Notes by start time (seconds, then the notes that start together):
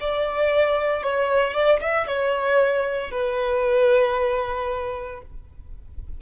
0.00 D5
1.03 C#5
1.53 D5
1.80 E5
2.07 C#5
3.11 B4